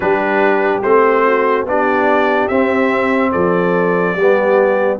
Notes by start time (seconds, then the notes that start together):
0.00 G3 D4 G4 B4
0.82 A3 C4 C5
1.25 F#4
1.64 B3 D4 G4 D5
2.48 C4 E5
3.31 F3 A4 D5
4.14 G3 G4
4.21 B3